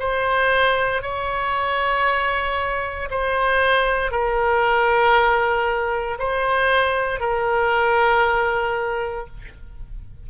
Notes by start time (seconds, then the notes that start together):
0.00 C5
1.03 C#5
3.11 C5
4.12 A#4
6.19 C5
7.20 A#4